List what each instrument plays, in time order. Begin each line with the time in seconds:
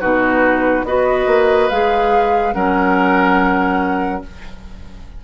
0.00 bassoon B2, clarinet D#4, oboe F#4, flute B4
0.83 bassoon B3, clarinet F#4, oboe B4, flute D#5
1.26 bassoon A#3
1.69 bassoon G#3, clarinet G#4, flute F5
2.53 bassoon F#3, clarinet C#4, oboe A#4, flute F#5